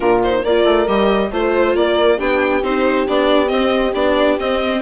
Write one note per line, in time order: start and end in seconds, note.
0.00 0.44 A#2
0.00 0.21 D4
0.00 0.42 F4
0.00 0.22 A#4
0.23 0.45 D#4
0.23 0.44 C5
0.43 0.64 A#3
0.43 0.87 F4
0.43 1.30 A#4
0.43 0.87 D5
0.64 0.86 A3
0.87 1.31 G3
0.87 1.31 G4
0.87 1.31 D#5
1.31 1.75 A3
1.31 2.18 F4
1.31 1.76 C5
1.75 2.19 A#3
1.75 2.17 A#4
1.75 2.19 D5
2.17 2.62 B3
2.17 2.62 D4
2.17 4.80 G4
2.17 2.63 G5
2.62 3.06 C4
2.62 3.07 D#4
2.62 3.07 C5
3.07 3.51 B3
3.07 3.46 D4
3.07 3.48 D5
3.46 3.90 C4
3.46 3.94 C4
3.46 3.92 D#5
3.94 4.38 B3
3.94 4.38 D4
3.94 4.38 D5
4.39 4.81 C4
4.39 4.81 D#5